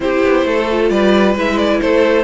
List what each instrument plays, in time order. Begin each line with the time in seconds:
0.00 cello C4, viola E4, violin G4 C5
0.23 cello B3
0.45 cello A3, violin A4
0.70 viola F4
0.89 cello G3, violin B4 D5
1.35 cello G#3, viola E4, violin E5
1.57 violin D5
1.81 cello A3, violin A4 C5